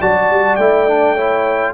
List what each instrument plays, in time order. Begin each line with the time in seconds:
0.00 tuba F#3, trombone F#4, horn D5, trumpet A5
0.31 tuba G3
0.56 tuba A3, trombone E4, trumpet G5
0.87 trombone D4
1.14 trombone E4, horn C#5